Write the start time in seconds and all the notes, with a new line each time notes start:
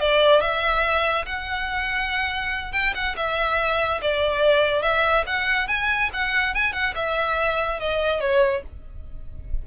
0.00 D5
0.41 E5
1.26 F#5
2.72 G5
2.94 F#5
3.16 E5
4.02 D5
4.82 E5
5.26 F#5
5.68 G#5
6.13 F#5
6.54 G#5
6.73 F#5
6.95 E5
7.79 D#5
8.20 C#5